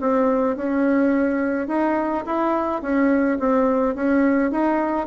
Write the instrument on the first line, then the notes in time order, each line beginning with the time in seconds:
bassoon
0.00 C4
0.56 C#4
1.67 D#4
2.26 E4
2.82 C#4
3.39 C4
3.95 C#4
4.51 D#4